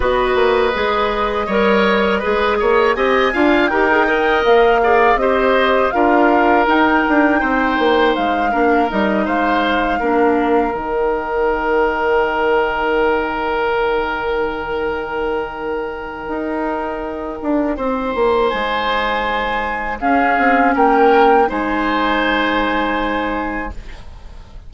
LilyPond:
<<
  \new Staff \with { instrumentName = "flute" } { \time 4/4 \tempo 4 = 81 dis''1 | gis''4 g''4 f''4 dis''4 | f''4 g''2 f''4 | dis''8 f''2 g''4.~ |
g''1~ | g''1~ | g''4 gis''2 f''4 | g''4 gis''2. | }
  \new Staff \with { instrumentName = "oboe" } { \time 4/4 b'2 cis''4 b'8 cis''8 | dis''8 f''8 ais'8 dis''4 d''8 c''4 | ais'2 c''4. ais'8~ | ais'8 c''4 ais'2~ ais'8~ |
ais'1~ | ais'1 | c''2. gis'4 | ais'4 c''2. | }
  \new Staff \with { instrumentName = "clarinet" } { \time 4/4 fis'4 gis'4 ais'4 gis'4 | g'8 f'8 g'16 gis'16 ais'4 gis'8 g'4 | f'4 dis'2~ dis'8 d'8 | dis'4. d'4 dis'4.~ |
dis'1~ | dis'1~ | dis'2. cis'4~ | cis'4 dis'2. | }
  \new Staff \with { instrumentName = "bassoon" } { \time 4/4 b8 ais8 gis4 g4 gis8 ais8 | c'8 d'8 dis'4 ais4 c'4 | d'4 dis'8 d'8 c'8 ais8 gis8 ais8 | g8 gis4 ais4 dis4.~ |
dis1~ | dis2 dis'4. d'8 | c'8 ais8 gis2 cis'8 c'8 | ais4 gis2. | }
>>